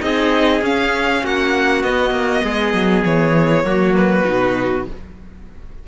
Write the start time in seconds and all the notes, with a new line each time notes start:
0.00 C4 D#4 G#4 D#5
0.61 C#4 F5
1.23 A#3 F#4 F#5
1.82 B3 D#5
2.10 A#3
2.44 G#3 G#4
2.74 F#3
3.04 E3 C#5
3.63 F#3 A#3 F#4
3.95 B4
4.24 B2 D#4